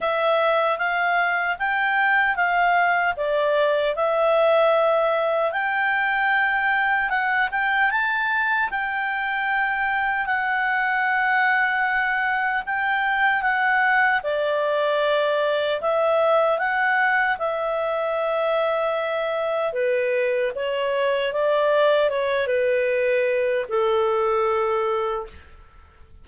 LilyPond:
\new Staff \with { instrumentName = "clarinet" } { \time 4/4 \tempo 4 = 76 e''4 f''4 g''4 f''4 | d''4 e''2 g''4~ | g''4 fis''8 g''8 a''4 g''4~ | g''4 fis''2. |
g''4 fis''4 d''2 | e''4 fis''4 e''2~ | e''4 b'4 cis''4 d''4 | cis''8 b'4. a'2 | }